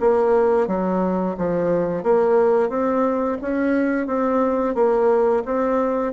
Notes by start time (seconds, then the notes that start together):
0.00 A#3
0.67 F#3
1.38 F3
2.03 A#3
2.69 C4
3.42 C#4
4.07 C4
4.75 A#3
5.45 C4